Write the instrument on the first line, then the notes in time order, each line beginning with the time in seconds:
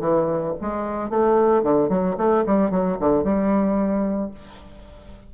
bassoon
0.00 E3
0.60 G#3
1.10 A3
1.62 D3
1.89 F#3
2.17 A3
2.46 G3
2.70 F#3
3.00 D3
3.24 G3